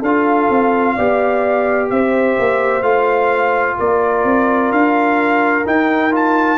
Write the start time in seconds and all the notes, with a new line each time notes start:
0.00 D4 F4 A4 F5
0.50 C4
0.96 B3 G4 D5
1.90 C4 C5 E5
2.39 A#3
2.82 A3 F4 F5
3.78 A#3 A#4 D5
4.24 C4
4.71 D4 F5
5.66 D#4 G5
6.11 F4 A5